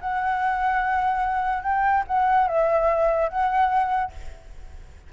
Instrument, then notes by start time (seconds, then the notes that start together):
flute
0.00 F#5
1.63 G5
2.07 F#5
2.47 E5
3.28 F#5